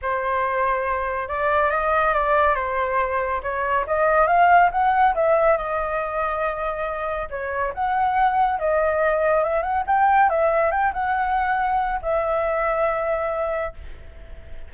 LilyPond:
\new Staff \with { instrumentName = "flute" } { \time 4/4 \tempo 4 = 140 c''2. d''4 | dis''4 d''4 c''2 | cis''4 dis''4 f''4 fis''4 | e''4 dis''2.~ |
dis''4 cis''4 fis''2 | dis''2 e''8 fis''8 g''4 | e''4 g''8 fis''2~ fis''8 | e''1 | }